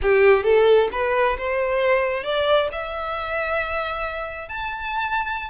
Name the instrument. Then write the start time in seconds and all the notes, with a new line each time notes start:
violin
0.02 G4
0.43 A4
0.92 B4
1.37 C5
2.23 D5
2.72 E5
4.48 A5